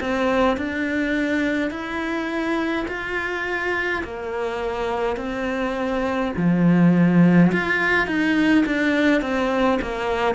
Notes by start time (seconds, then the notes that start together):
0.00 C4
0.57 D4
1.70 E4
2.88 F4
4.04 A#3
5.17 C4
6.37 F3
7.53 F4
8.07 D#4
8.66 D4
9.22 C4
9.82 A#3